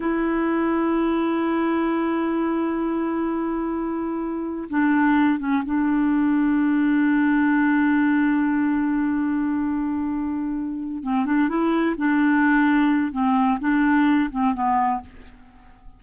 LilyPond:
\new Staff \with { instrumentName = "clarinet" } { \time 4/4 \tempo 4 = 128 e'1~ | e'1~ | e'2 d'4. cis'8 | d'1~ |
d'1~ | d'2.~ d'8 c'8 | d'8 e'4 d'2~ d'8 | c'4 d'4. c'8 b4 | }